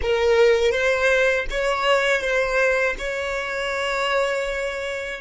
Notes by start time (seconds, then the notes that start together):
0.02 A#4
0.71 C5
1.50 C#5
2.21 C5
2.98 C#5